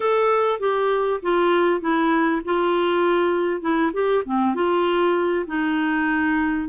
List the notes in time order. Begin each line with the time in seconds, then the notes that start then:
0.00 A4
0.59 G4
1.22 F4
1.80 E4
2.45 F4
3.61 E4
3.93 G4
4.25 C4
4.54 F4
5.47 D#4